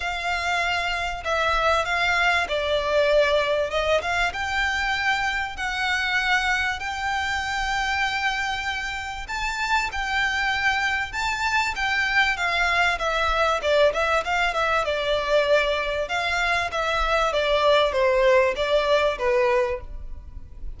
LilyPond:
\new Staff \with { instrumentName = "violin" } { \time 4/4 \tempo 4 = 97 f''2 e''4 f''4 | d''2 dis''8 f''8 g''4~ | g''4 fis''2 g''4~ | g''2. a''4 |
g''2 a''4 g''4 | f''4 e''4 d''8 e''8 f''8 e''8 | d''2 f''4 e''4 | d''4 c''4 d''4 b'4 | }